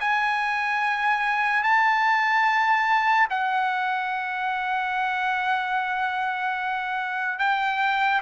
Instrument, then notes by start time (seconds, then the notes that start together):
trumpet
0.00 G#5
1.63 A5
3.30 F#5
7.39 G5